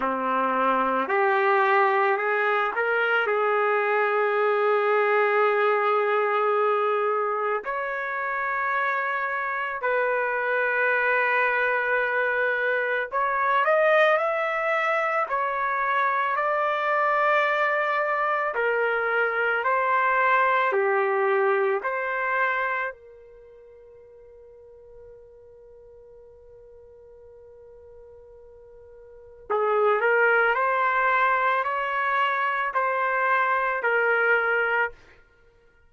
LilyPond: \new Staff \with { instrumentName = "trumpet" } { \time 4/4 \tempo 4 = 55 c'4 g'4 gis'8 ais'8 gis'4~ | gis'2. cis''4~ | cis''4 b'2. | cis''8 dis''8 e''4 cis''4 d''4~ |
d''4 ais'4 c''4 g'4 | c''4 ais'2.~ | ais'2. gis'8 ais'8 | c''4 cis''4 c''4 ais'4 | }